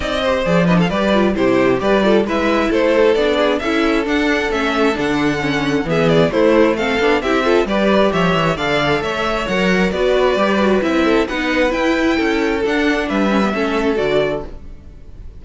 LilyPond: <<
  \new Staff \with { instrumentName = "violin" } { \time 4/4 \tempo 4 = 133 dis''4 d''8 dis''16 f''16 d''4 c''4 | d''4 e''4 c''4 d''4 | e''4 fis''4 e''4 fis''4~ | fis''4 e''8 d''8 c''4 f''4 |
e''4 d''4 e''4 f''4 | e''4 fis''4 d''2 | e''4 fis''4 g''2 | fis''4 e''2 d''4 | }
  \new Staff \with { instrumentName = "violin" } { \time 4/4 d''8 c''4 b'16 a'16 b'4 g'4 | b'8 a'8 b'4 a'4. gis'8 | a'1~ | a'4 gis'4 e'4 a'4 |
g'8 a'8 b'4 cis''4 d''4 | cis''2 b'2~ | b'8 a'8 b'2 a'4~ | a'4 b'4 a'2 | }
  \new Staff \with { instrumentName = "viola" } { \time 4/4 dis'8 g'8 gis'8 d'8 g'8 f'8 e'4 | g'8 f'8 e'2 d'4 | e'4 d'4 cis'4 d'4 | cis'4 b4 a4 c'8 d'8 |
e'8 f'8 g'2 a'4~ | a'4 ais'4 fis'4 g'8 fis'8 | e'4 dis'4 e'2 | d'4. cis'16 b16 cis'4 fis'4 | }
  \new Staff \with { instrumentName = "cello" } { \time 4/4 c'4 f4 g4 c4 | g4 gis4 a4 b4 | cis'4 d'4 a4 d4~ | d4 e4 a4. b8 |
c'4 g4 f8 e8 d4 | a4 fis4 b4 g4 | c'4 b4 e'4 cis'4 | d'4 g4 a4 d4 | }
>>